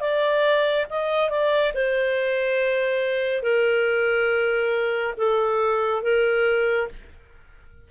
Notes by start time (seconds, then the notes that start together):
0.00 D5
0.90 D#5
1.29 D5
1.74 C5
3.42 A#4
5.17 A4
6.02 A#4